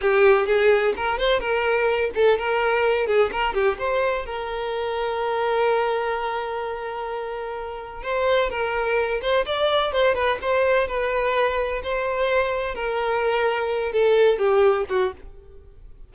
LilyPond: \new Staff \with { instrumentName = "violin" } { \time 4/4 \tempo 4 = 127 g'4 gis'4 ais'8 c''8 ais'4~ | ais'8 a'8 ais'4. gis'8 ais'8 g'8 | c''4 ais'2.~ | ais'1~ |
ais'4 c''4 ais'4. c''8 | d''4 c''8 b'8 c''4 b'4~ | b'4 c''2 ais'4~ | ais'4. a'4 g'4 fis'8 | }